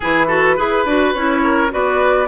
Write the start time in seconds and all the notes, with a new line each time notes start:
0.00 E3 E4 G#4 B4
0.27 F#4 A4
0.56 E4 G#4 B4
0.85 D4 F#4
1.13 C#4 E4 C#5
1.43 A#4
1.70 B3 F#4 B4 D5